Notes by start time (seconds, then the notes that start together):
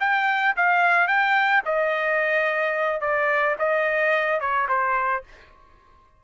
0.00 G5
0.56 F5
1.08 G5
1.65 D#5
3.01 D5
3.59 D#5
4.40 C#5
4.69 C5